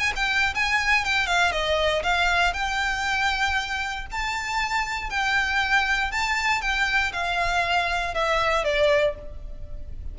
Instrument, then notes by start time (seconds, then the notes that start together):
violin
0.00 G#5
0.16 G5
0.55 G#5
1.05 G5
1.27 F5
1.52 D#5
2.03 F5
2.54 G5
4.12 A5
5.10 G5
6.12 A5
6.62 G5
7.13 F5
8.14 E5
8.65 D5